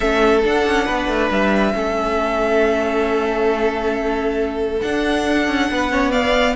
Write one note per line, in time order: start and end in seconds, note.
0.00 0.44 A3
0.00 0.41 C#4
0.00 0.85 A4
0.00 0.42 E5
0.43 1.73 D4
0.43 0.66 D4
0.43 1.31 F#5
0.66 0.88 C#4
0.85 1.08 B3
0.85 1.73 B4
1.08 1.30 A3
1.30 1.74 G3
1.30 4.81 E5
1.73 4.81 A3
1.73 4.80 C#4
1.73 5.70 A4
4.81 5.90 D4
4.81 5.47 D4
4.81 6.11 F#5
5.47 5.69 C#4
5.70 6.55 B3
5.70 5.91 B4
5.90 6.12 C#4
5.90 6.11 C#5
6.11 6.55 B3
6.11 6.55 D5
6.11 6.55 F5